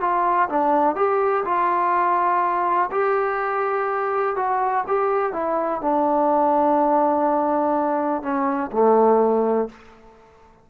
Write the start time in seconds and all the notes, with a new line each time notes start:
0.00 F4
0.49 D4
0.95 G4
1.45 F4
2.91 G4
4.36 F#4
4.87 G4
5.33 E4
5.81 D4
8.22 C#4
8.72 A3